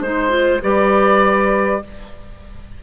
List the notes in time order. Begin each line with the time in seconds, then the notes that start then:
0.00 G#3 D#4 C5
0.29 F4
0.62 G3 G4 B4 D5